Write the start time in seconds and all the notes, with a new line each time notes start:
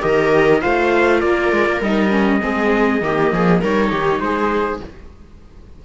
0.00 D#3 G4 A#4 D#5
0.61 A3 F4 C5 F5
1.18 A#3 A#4 D5
1.52 G#3
1.66 A#3
1.80 G3 D#4 D#5
2.10 C#4
2.40 G#3 C4 G#4
3.01 D#3 A#3 G4
3.31 F3 G#4
3.61 G3 D#4 A#4 C#5
3.90 D#3 G4
4.20 G#3 G#4 C5